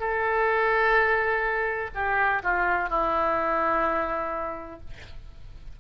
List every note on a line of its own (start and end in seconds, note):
0.00 1.90 A4
1.95 2.42 G4
2.43 2.90 F4
2.90 4.80 E4